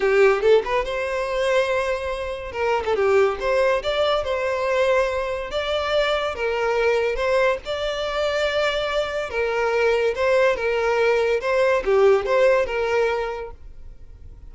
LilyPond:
\new Staff \with { instrumentName = "violin" } { \time 4/4 \tempo 4 = 142 g'4 a'8 b'8 c''2~ | c''2 ais'8. a'16 g'4 | c''4 d''4 c''2~ | c''4 d''2 ais'4~ |
ais'4 c''4 d''2~ | d''2 ais'2 | c''4 ais'2 c''4 | g'4 c''4 ais'2 | }